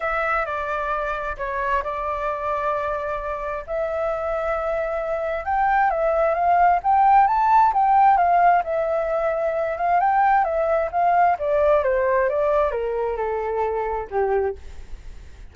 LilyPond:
\new Staff \with { instrumentName = "flute" } { \time 4/4 \tempo 4 = 132 e''4 d''2 cis''4 | d''1 | e''1 | g''4 e''4 f''4 g''4 |
a''4 g''4 f''4 e''4~ | e''4. f''8 g''4 e''4 | f''4 d''4 c''4 d''4 | ais'4 a'2 g'4 | }